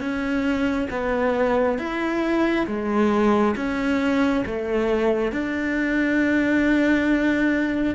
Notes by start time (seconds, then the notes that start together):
0.00 C#4
0.91 B3
1.78 E4
2.67 G#3
3.56 C#4
4.46 A3
5.32 D4